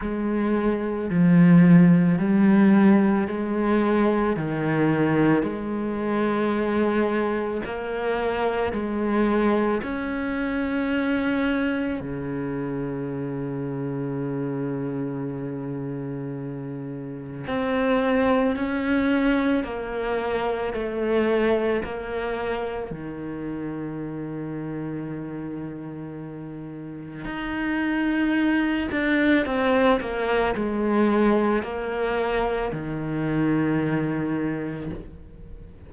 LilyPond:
\new Staff \with { instrumentName = "cello" } { \time 4/4 \tempo 4 = 55 gis4 f4 g4 gis4 | dis4 gis2 ais4 | gis4 cis'2 cis4~ | cis1 |
c'4 cis'4 ais4 a4 | ais4 dis2.~ | dis4 dis'4. d'8 c'8 ais8 | gis4 ais4 dis2 | }